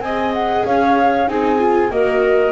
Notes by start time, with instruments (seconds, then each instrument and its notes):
0.00 double bass C4, viola G#4, clarinet D#5, flute G#5
0.33 flute F#5
0.65 double bass C#4, clarinet C#5, flute F5
1.27 double bass C4, viola D#4, clarinet G#4, flute G#5
1.59 viola F4
1.90 double bass A#3, viola F#4, clarinet A#4, flute D#5